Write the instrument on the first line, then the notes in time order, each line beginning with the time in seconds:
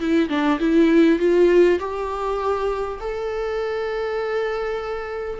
viola
0.00 E4
0.29 D4
0.60 E4
1.19 F4
1.79 G4
3.00 A4